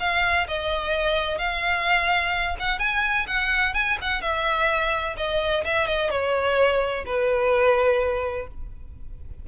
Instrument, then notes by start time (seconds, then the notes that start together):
violin
0.00 F5
0.48 D#5
1.39 F5
2.60 F#5
2.79 G#5
3.27 F#5
3.74 G#5
4.02 F#5
4.22 E5
5.17 D#5
5.65 E5
5.88 D#5
6.11 C#5
7.06 B4